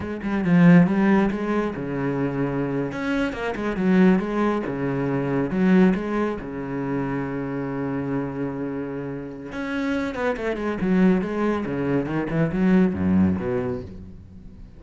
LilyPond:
\new Staff \with { instrumentName = "cello" } { \time 4/4 \tempo 4 = 139 gis8 g8 f4 g4 gis4 | cis2~ cis8. cis'4 ais16~ | ais16 gis8 fis4 gis4 cis4~ cis16~ | cis8. fis4 gis4 cis4~ cis16~ |
cis1~ | cis2 cis'4. b8 | a8 gis8 fis4 gis4 cis4 | dis8 e8 fis4 fis,4 b,4 | }